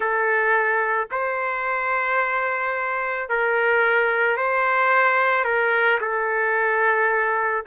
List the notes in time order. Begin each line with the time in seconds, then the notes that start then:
0.00 A4
1.11 C5
3.29 A#4
4.36 C5
5.44 A#4
6.00 A4